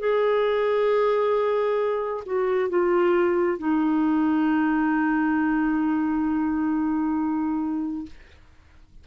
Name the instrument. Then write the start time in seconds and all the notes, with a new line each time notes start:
clarinet
0.00 G#4
2.26 F#4
2.69 F4
3.59 D#4